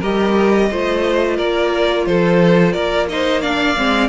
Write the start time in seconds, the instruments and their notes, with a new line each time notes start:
0.00 cello G3, viola G4, violin A#4 D#5
0.71 cello A3, viola F4, violin C5
1.37 cello A#3, violin A#4 D5
2.06 cello F3, violin A4 C5
2.73 cello A#3, violin A#4 D5
3.09 viola D#4, violin C5 D#5
3.41 viola D4, violin D5 F5
3.77 cello G#3, viola C4